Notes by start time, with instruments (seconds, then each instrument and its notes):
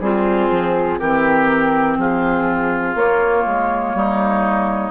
0.00 bassoon G3, oboe C4, clarinet F4, flute G#4
0.50 bassoon F3
0.99 bassoon E3, clarinet C4, oboe G4, flute A#4
1.98 bassoon F3, oboe F4, flute G#4
2.95 bassoon A#3, clarinet A#3, flute C#5
3.45 bassoon G#3
3.94 bassoon G3, oboe D#4